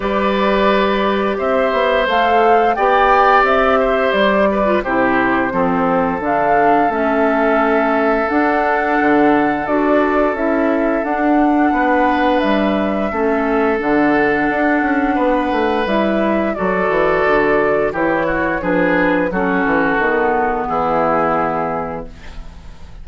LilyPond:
<<
  \new Staff \with { instrumentName = "flute" } { \time 4/4 \tempo 4 = 87 d''2 e''4 f''4 | g''4 e''4 d''4 c''4~ | c''4 f''4 e''2 | fis''2 d''4 e''4 |
fis''2 e''2 | fis''2. e''4 | d''2 cis''4 b'4 | a'2 gis'2 | }
  \new Staff \with { instrumentName = "oboe" } { \time 4/4 b'2 c''2 | d''4. c''4 b'8 g'4 | a'1~ | a'1~ |
a'4 b'2 a'4~ | a'2 b'2 | a'2 g'8 fis'8 gis'4 | fis'2 e'2 | }
  \new Staff \with { instrumentName = "clarinet" } { \time 4/4 g'2. a'4 | g'2~ g'8. f'16 e'4 | c'4 d'4 cis'2 | d'2 fis'4 e'4 |
d'2. cis'4 | d'2. e'4 | fis'2 e'4 d'4 | cis'4 b2. | }
  \new Staff \with { instrumentName = "bassoon" } { \time 4/4 g2 c'8 b8 a4 | b4 c'4 g4 c4 | f4 d4 a2 | d'4 d4 d'4 cis'4 |
d'4 b4 g4 a4 | d4 d'8 cis'8 b8 a8 g4 | fis8 e8 d4 e4 f4 | fis8 e8 dis4 e2 | }
>>